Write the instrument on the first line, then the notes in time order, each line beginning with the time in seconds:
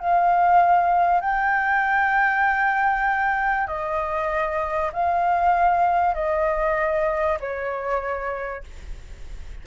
flute
0.00 F5
1.21 G5
3.68 D#5
4.93 F5
6.15 D#5
7.40 C#5